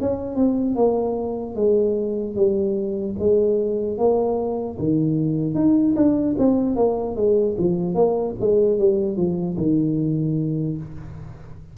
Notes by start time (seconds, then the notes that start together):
0.00 C#4
0.36 C4
0.75 A#3
1.55 G#3
2.35 G3
3.19 G#3
3.98 A#3
4.79 D#3
5.55 D#4
5.96 D4
6.38 C4
6.76 A#3
7.16 G#3
7.58 F3
7.95 A#3
8.40 G#3
8.79 G3
9.17 F3
9.57 D#3